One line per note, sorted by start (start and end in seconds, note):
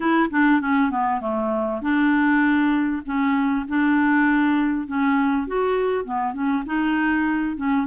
0.00 0.29 E4
0.30 0.60 D4
0.61 0.90 C#4
0.90 1.20 B3
1.20 1.81 A3
1.81 3.02 D4
3.05 3.66 C#4
3.68 4.87 D4
4.87 5.47 C#4
5.47 6.04 F#4
6.04 6.33 B3
6.33 6.63 C#4
6.66 7.56 D#4
7.56 7.87 C#4